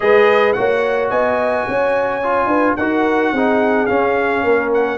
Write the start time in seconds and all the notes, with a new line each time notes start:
0.00 G#3 G#4 B4 D#5
0.53 A#3 F#4 C#5 F#5
1.09 B3 D#5 G#5
1.68 C#4 C#5
2.23 F4
2.46 D4 B4
2.76 D#4 F#4 A#4 F#5
3.32 C4 D#4 G#4
3.86 C#4 F5
4.43 A#3 A#4
4.73 F#5